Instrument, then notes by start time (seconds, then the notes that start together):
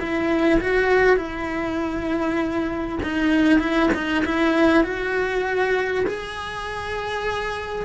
cello
0.00 E4
0.61 F#4
1.17 E4
3.04 D#4
3.60 E4
3.94 D#4
4.25 E4
4.84 F#4
6.07 G#4